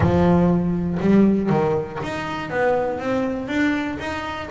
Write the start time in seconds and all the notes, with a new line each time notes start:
0.00 F3
1.00 G3
1.49 D#3
2.02 D#4
2.50 B3
2.99 C4
3.47 D4
3.99 D#4